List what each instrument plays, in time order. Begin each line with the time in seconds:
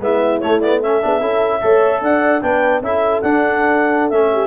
0.00 tuba G#3, trombone B3, horn E4, clarinet E5
0.40 trombone A3, tuba A3, clarinet C#5
0.60 trombone B3, clarinet D5
0.82 trombone C#4, horn A4, clarinet E5
1.02 tuba B3, trombone D4, horn G#4
1.20 tuba C#4, trombone E4, horn A4
1.61 tuba A3, trombone A4, horn C#5
2.01 tuba D4, horn D5, clarinet F#5
2.41 tuba B3, trombone D4, horn B4, clarinet G5
2.81 tuba C#4, trombone E4, horn A4, clarinet E5
3.21 tuba D4, trombone D4, clarinet F#5
4.09 tuba A3, trombone C#4, clarinet E5
4.32 horn G4